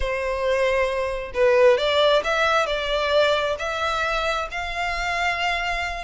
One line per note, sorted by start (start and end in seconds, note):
0.00 1.32 C5
1.34 1.77 B4
1.77 2.22 D5
2.24 2.66 E5
2.66 3.55 D5
3.58 4.48 E5
4.51 6.04 F5